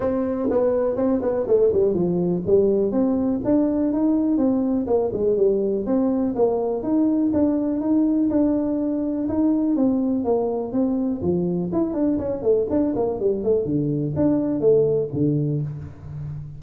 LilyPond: \new Staff \with { instrumentName = "tuba" } { \time 4/4 \tempo 4 = 123 c'4 b4 c'8 b8 a8 g8 | f4 g4 c'4 d'4 | dis'4 c'4 ais8 gis8 g4 | c'4 ais4 dis'4 d'4 |
dis'4 d'2 dis'4 | c'4 ais4 c'4 f4 | e'8 d'8 cis'8 a8 d'8 ais8 g8 a8 | d4 d'4 a4 d4 | }